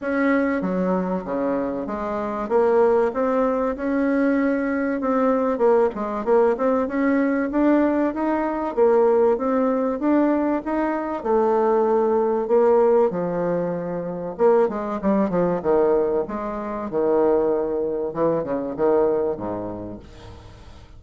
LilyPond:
\new Staff \with { instrumentName = "bassoon" } { \time 4/4 \tempo 4 = 96 cis'4 fis4 cis4 gis4 | ais4 c'4 cis'2 | c'4 ais8 gis8 ais8 c'8 cis'4 | d'4 dis'4 ais4 c'4 |
d'4 dis'4 a2 | ais4 f2 ais8 gis8 | g8 f8 dis4 gis4 dis4~ | dis4 e8 cis8 dis4 gis,4 | }